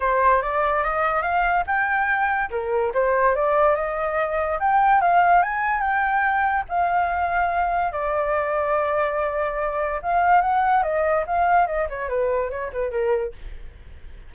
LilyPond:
\new Staff \with { instrumentName = "flute" } { \time 4/4 \tempo 4 = 144 c''4 d''4 dis''4 f''4 | g''2 ais'4 c''4 | d''4 dis''2 g''4 | f''4 gis''4 g''2 |
f''2. d''4~ | d''1 | f''4 fis''4 dis''4 f''4 | dis''8 cis''8 b'4 cis''8 b'8 ais'4 | }